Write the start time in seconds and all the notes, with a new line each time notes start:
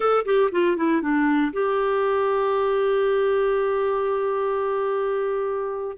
0.00 A4
0.25 G4
0.51 F4
0.76 E4
1.01 D4
1.52 G4